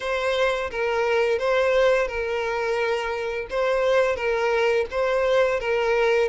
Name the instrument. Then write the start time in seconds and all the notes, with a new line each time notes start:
violin
0.00 C5
0.70 A#4
1.39 C5
2.07 A#4
3.50 C5
4.15 A#4
4.91 C5
5.60 A#4